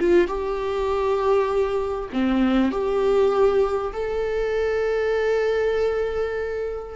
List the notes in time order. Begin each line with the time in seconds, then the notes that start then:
0.00 F4
0.28 G4
2.13 C4
2.72 G4
3.93 A4